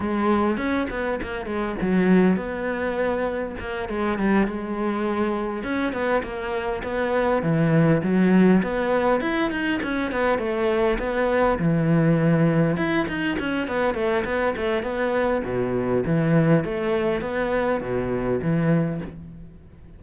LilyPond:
\new Staff \with { instrumentName = "cello" } { \time 4/4 \tempo 4 = 101 gis4 cis'8 b8 ais8 gis8 fis4 | b2 ais8 gis8 g8 gis8~ | gis4. cis'8 b8 ais4 b8~ | b8 e4 fis4 b4 e'8 |
dis'8 cis'8 b8 a4 b4 e8~ | e4. e'8 dis'8 cis'8 b8 a8 | b8 a8 b4 b,4 e4 | a4 b4 b,4 e4 | }